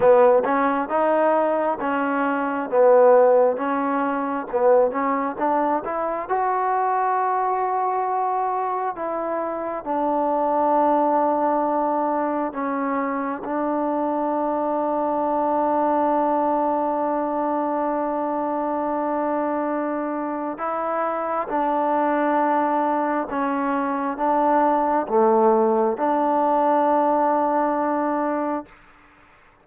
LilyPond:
\new Staff \with { instrumentName = "trombone" } { \time 4/4 \tempo 4 = 67 b8 cis'8 dis'4 cis'4 b4 | cis'4 b8 cis'8 d'8 e'8 fis'4~ | fis'2 e'4 d'4~ | d'2 cis'4 d'4~ |
d'1~ | d'2. e'4 | d'2 cis'4 d'4 | a4 d'2. | }